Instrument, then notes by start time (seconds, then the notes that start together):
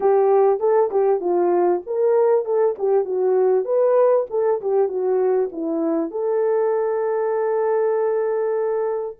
horn
0.00 G4
0.59 A4
0.90 G4
1.20 F4
1.86 A#4
2.45 A4
2.78 G4
3.04 F#4
3.65 B4
4.30 A4
4.61 G4
4.88 F#4
5.52 E4
6.10 A4